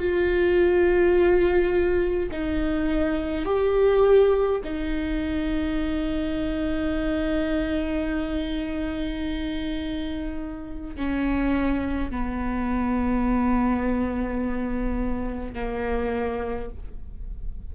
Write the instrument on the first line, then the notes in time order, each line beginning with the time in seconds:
viola
0.00 F4
2.32 D#4
3.46 G4
4.65 D#4
10.96 C#4
12.10 B3
15.55 A#3